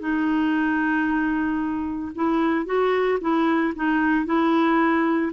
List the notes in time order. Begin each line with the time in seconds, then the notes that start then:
0.00 D#4
2.16 E4
2.66 F#4
3.21 E4
3.76 D#4
4.26 E4